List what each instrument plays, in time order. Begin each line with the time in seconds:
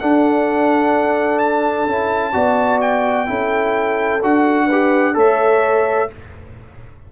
0.00 trombone D4, tuba D4, horn A4, trumpet F#5
1.39 trumpet A5
1.87 tuba C#4, trombone E4
2.33 tuba B3, trombone F#4, horn D5
2.82 trumpet G5
3.27 tuba C#4, trombone E4, horn A4
4.23 tuba D4, trombone F#4, trumpet F#5
4.67 trombone G4, horn B4
5.14 tuba A3, trombone A4, horn C#5, trumpet E5